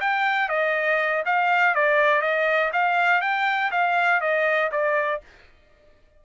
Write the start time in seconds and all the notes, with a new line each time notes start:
0.00 G5
0.49 D#5
1.25 F5
1.74 D5
2.22 D#5
2.73 F5
3.21 G5
3.71 F5
4.21 D#5
4.71 D5